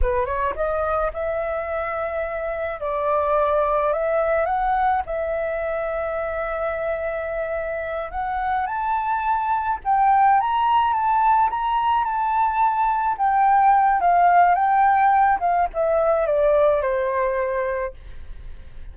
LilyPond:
\new Staff \with { instrumentName = "flute" } { \time 4/4 \tempo 4 = 107 b'8 cis''8 dis''4 e''2~ | e''4 d''2 e''4 | fis''4 e''2.~ | e''2~ e''8 fis''4 a''8~ |
a''4. g''4 ais''4 a''8~ | a''8 ais''4 a''2 g''8~ | g''4 f''4 g''4. f''8 | e''4 d''4 c''2 | }